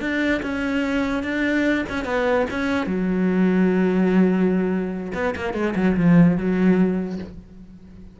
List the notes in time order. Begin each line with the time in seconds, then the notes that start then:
0.00 D4
0.42 C#4
1.23 D4
1.89 C#4
2.05 B3
2.50 C#4
2.86 F#3
5.14 B3
5.35 A#3
5.53 G#3
5.75 F#3
5.96 F3
6.37 F#3